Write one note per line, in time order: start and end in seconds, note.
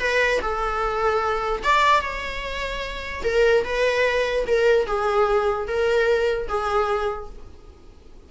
0.00 0.41 B4
0.42 1.63 A4
1.63 2.01 D5
2.01 3.23 C#5
3.24 3.64 A#4
3.64 4.46 B4
4.47 4.87 A#4
4.87 5.68 G#4
5.68 6.48 A#4
6.48 7.29 G#4